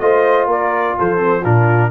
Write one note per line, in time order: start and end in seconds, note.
0.00 0.47 A3
0.00 1.18 F4
0.00 0.48 C5
0.00 0.48 D#5
0.47 0.95 A#3
0.47 0.95 A#4
0.47 0.99 D5
0.99 1.45 F3
0.99 1.42 A4
0.99 1.45 C5
1.18 1.41 C4
1.42 1.91 A#2
1.42 1.91 D4
1.42 1.89 F4
1.42 1.91 A#4